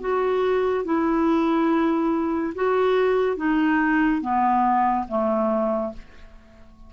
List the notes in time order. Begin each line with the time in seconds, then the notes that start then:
0.00 F#4
0.85 E4
2.55 F#4
3.36 D#4
4.21 B3
5.08 A3